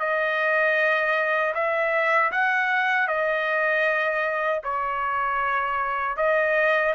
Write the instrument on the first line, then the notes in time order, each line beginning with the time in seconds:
trumpet
0.00 D#5
1.55 E5
2.32 F#5
3.08 D#5
4.64 C#5
6.17 D#5